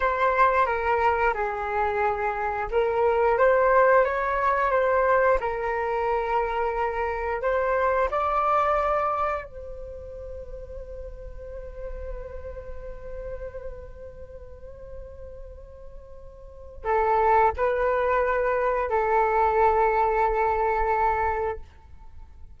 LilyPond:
\new Staff \with { instrumentName = "flute" } { \time 4/4 \tempo 4 = 89 c''4 ais'4 gis'2 | ais'4 c''4 cis''4 c''4 | ais'2. c''4 | d''2 c''2~ |
c''1~ | c''1~ | c''4 a'4 b'2 | a'1 | }